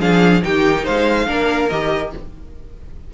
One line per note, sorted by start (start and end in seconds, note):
0.00 0.43 F3
0.00 0.42 D4
0.00 0.43 G#4
0.00 0.43 F5
0.42 0.87 D#3
0.42 1.26 D#4
0.42 0.84 G4
0.42 0.86 G5
0.84 1.28 G#3
0.84 1.26 C5
0.84 1.69 F5
1.26 1.70 A#3
1.26 1.69 D4
1.26 2.12 A#4
1.69 2.13 D#3
1.69 2.14 G4
1.69 2.11 D#5